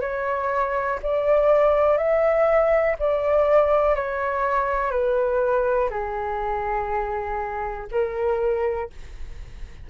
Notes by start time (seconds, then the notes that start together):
0.00 C#5
1.02 D5
1.97 E5
2.99 D5
3.95 C#5
4.91 B4
5.89 G#4
7.91 A#4